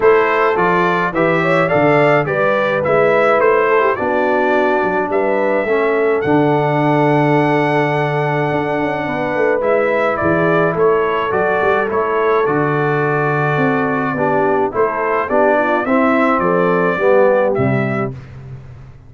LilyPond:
<<
  \new Staff \with { instrumentName = "trumpet" } { \time 4/4 \tempo 4 = 106 c''4 d''4 e''4 f''4 | d''4 e''4 c''4 d''4~ | d''4 e''2 fis''4~ | fis''1~ |
fis''4 e''4 d''4 cis''4 | d''4 cis''4 d''2~ | d''2 c''4 d''4 | e''4 d''2 e''4 | }
  \new Staff \with { instrumentName = "horn" } { \time 4/4 a'2 b'8 cis''8 d''4 | b'2~ b'8 a'16 g'16 fis'4~ | fis'4 b'4 a'2~ | a'1 |
b'2 gis'4 a'4~ | a'1~ | a'4 g'4 a'4 g'8 f'8 | e'4 a'4 g'2 | }
  \new Staff \with { instrumentName = "trombone" } { \time 4/4 e'4 f'4 g'4 a'4 | g'4 e'2 d'4~ | d'2 cis'4 d'4~ | d'1~ |
d'4 e'2. | fis'4 e'4 fis'2~ | fis'4 d'4 e'4 d'4 | c'2 b4 g4 | }
  \new Staff \with { instrumentName = "tuba" } { \time 4/4 a4 f4 e4 d4 | g4 gis4 a4 b4~ | b8 fis8 g4 a4 d4~ | d2. d'8 cis'8 |
b8 a8 gis4 e4 a4 | fis8 g8 a4 d2 | c'4 b4 a4 b4 | c'4 f4 g4 c4 | }
>>